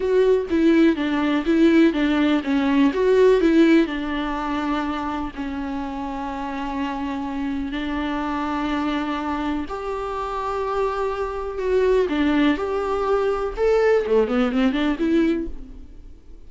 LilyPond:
\new Staff \with { instrumentName = "viola" } { \time 4/4 \tempo 4 = 124 fis'4 e'4 d'4 e'4 | d'4 cis'4 fis'4 e'4 | d'2. cis'4~ | cis'1 |
d'1 | g'1 | fis'4 d'4 g'2 | a'4 a8 b8 c'8 d'8 e'4 | }